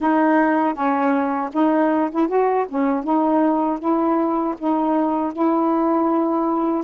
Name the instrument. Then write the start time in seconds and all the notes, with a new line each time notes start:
saxophone
0.00 D#4
0.74 C#4
1.53 D#4
2.11 E4
2.28 F#4
2.68 C#4
3.03 D#4
3.79 E4
4.58 D#4
5.32 E4